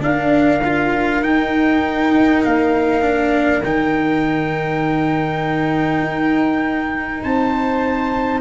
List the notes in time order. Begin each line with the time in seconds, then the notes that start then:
0.00 D4 A#4 F5
0.64 F4
1.22 D#4 G5
2.43 A#3 F5
3.01 D4
3.63 D#3 D#4 G5
6.01 D#4
7.23 C4 C5 A5